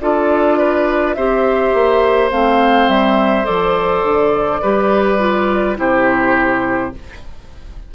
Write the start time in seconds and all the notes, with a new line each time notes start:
0.00 D4 F4 A4 D5
0.58 B4
1.14 C4 G4 C5 E5
1.73 A#3
2.31 A3 C4 F5
2.87 G3 E5
3.44 F3 A4 D5
4.03 D3
4.62 G3 G4 B4
5.19 F4
5.76 C3 E4 G4 C5